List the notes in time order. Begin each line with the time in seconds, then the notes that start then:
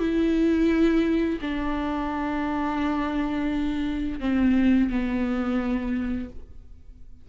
0.00 E4
1.41 D4
4.21 C4
4.90 B3